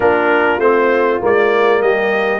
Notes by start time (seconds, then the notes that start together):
0.00 A#3 D4 F4 A#4
0.58 A3 C4 C5
1.20 G#3 A#3 D5
1.81 G3 G4 D#5